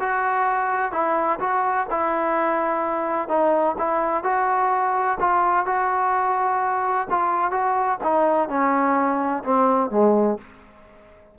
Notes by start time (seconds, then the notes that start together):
0.00 F#4
0.92 E4
1.40 F#4
1.91 E4
3.29 D#4
3.78 E4
4.24 F#4
5.20 F4
5.66 F#4
7.10 F4
7.51 F#4
8.04 D#4
8.49 C#4
9.44 C4
9.91 G#3